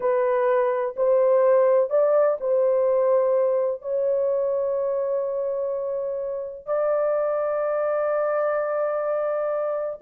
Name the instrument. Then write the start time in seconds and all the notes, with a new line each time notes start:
horn
0.00 B4
0.96 C5
1.89 D5
2.40 C5
3.81 C#5
6.65 D5